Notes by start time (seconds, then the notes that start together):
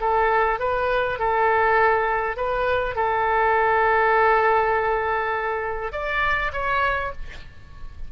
0.00 A4
0.59 B4
1.19 A4
2.36 B4
2.95 A4
5.92 D5
6.52 C#5